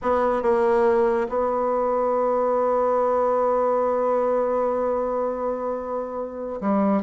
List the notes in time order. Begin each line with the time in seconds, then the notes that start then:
0.01 B3
0.42 A#3
1.28 B3
6.61 G3